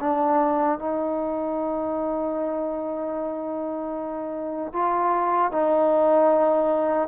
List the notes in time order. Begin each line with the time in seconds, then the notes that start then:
0.00 D4
0.79 D#4
4.73 F4
5.52 D#4